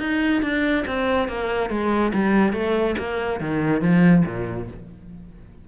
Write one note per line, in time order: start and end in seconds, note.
0.00 0.43 D#4
0.43 0.85 D4
0.87 1.29 C4
1.29 1.70 A#3
1.70 2.13 G#3
2.14 2.53 G3
2.53 2.96 A3
2.99 3.40 A#3
3.40 3.82 D#3
3.82 4.24 F3
4.26 4.68 A#2